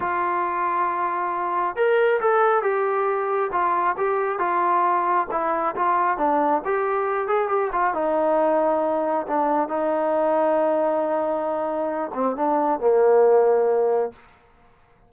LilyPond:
\new Staff \with { instrumentName = "trombone" } { \time 4/4 \tempo 4 = 136 f'1 | ais'4 a'4 g'2 | f'4 g'4 f'2 | e'4 f'4 d'4 g'4~ |
g'8 gis'8 g'8 f'8 dis'2~ | dis'4 d'4 dis'2~ | dis'2.~ dis'8 c'8 | d'4 ais2. | }